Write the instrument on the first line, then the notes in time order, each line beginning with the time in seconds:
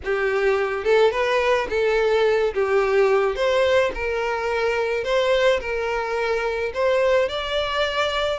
violin
0.04 G4
0.84 A4
1.11 B4
1.69 A4
2.54 G4
3.35 C5
3.94 A#4
5.03 C5
5.60 A#4
6.73 C5
7.28 D5